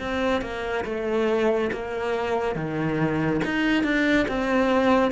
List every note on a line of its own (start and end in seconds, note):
0.00 0.42 C4
0.42 0.85 A#3
0.85 1.71 A3
1.73 2.56 A#3
2.56 3.42 D#3
3.45 3.84 D#4
3.84 4.27 D4
4.29 5.12 C4